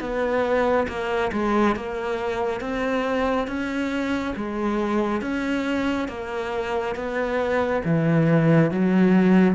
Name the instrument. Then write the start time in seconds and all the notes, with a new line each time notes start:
cello
0.00 B3
0.88 A#3
1.32 G#3
1.75 A#3
2.60 C4
3.47 C#4
4.35 G#3
5.21 C#4
6.08 A#3
6.95 B3
7.85 E3
8.71 F#3